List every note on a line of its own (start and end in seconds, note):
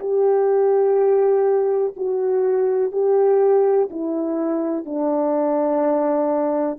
0.00 1.94 G4
1.97 2.92 F#4
2.92 3.89 G4
3.91 4.85 E4
4.85 6.79 D4